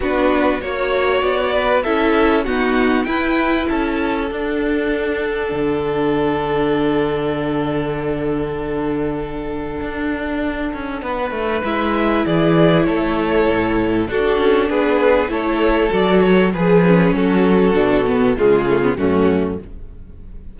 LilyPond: <<
  \new Staff \with { instrumentName = "violin" } { \time 4/4 \tempo 4 = 98 b'4 cis''4 d''4 e''4 | fis''4 g''4 a''4 fis''4~ | fis''1~ | fis''1~ |
fis''2. e''4 | d''4 cis''2 a'4 | b'4 cis''4 d''8 cis''8 b'4 | a'2 gis'4 fis'4 | }
  \new Staff \with { instrumentName = "violin" } { \time 4/4 fis'4 cis''4. b'8 a'4 | fis'4 b'4 a'2~ | a'1~ | a'1~ |
a'2 b'2 | gis'4 a'2 fis'4 | gis'4 a'2 gis'4 | fis'2 f'4 cis'4 | }
  \new Staff \with { instrumentName = "viola" } { \time 4/4 d'4 fis'2 e'4 | b4 e'2 d'4~ | d'1~ | d'1~ |
d'2. e'4~ | e'2. d'4~ | d'4 e'4 fis'4 gis'8 cis'8~ | cis'4 d'8 b8 gis8 a16 b16 a4 | }
  \new Staff \with { instrumentName = "cello" } { \time 4/4 b4 ais4 b4 cis'4 | dis'4 e'4 cis'4 d'4~ | d'4 d2.~ | d1 |
d'4. cis'8 b8 a8 gis4 | e4 a4 a,4 d'8 cis'8 | b4 a4 fis4 f4 | fis4 b,4 cis4 fis,4 | }
>>